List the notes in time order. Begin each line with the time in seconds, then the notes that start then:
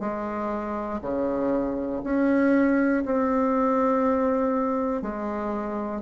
0.00 G#3
1.02 C#3
2.04 C#4
3.05 C4
5.03 G#3